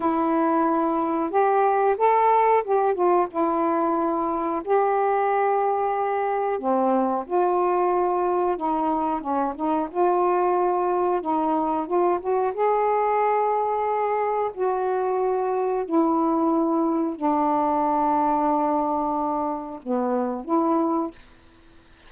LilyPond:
\new Staff \with { instrumentName = "saxophone" } { \time 4/4 \tempo 4 = 91 e'2 g'4 a'4 | g'8 f'8 e'2 g'4~ | g'2 c'4 f'4~ | f'4 dis'4 cis'8 dis'8 f'4~ |
f'4 dis'4 f'8 fis'8 gis'4~ | gis'2 fis'2 | e'2 d'2~ | d'2 b4 e'4 | }